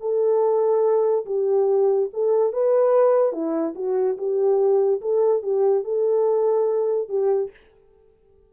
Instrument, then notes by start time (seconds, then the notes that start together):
horn
0.00 A4
1.25 G4
2.13 A4
2.53 B4
3.32 E4
3.75 F#4
4.17 G4
5.01 A4
5.42 G4
5.84 A4
7.09 G4